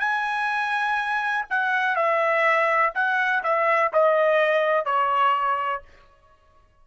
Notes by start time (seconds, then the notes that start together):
0.00 G#5
1.50 F#5
1.96 E5
2.95 F#5
3.43 E5
3.93 D#5
4.85 C#5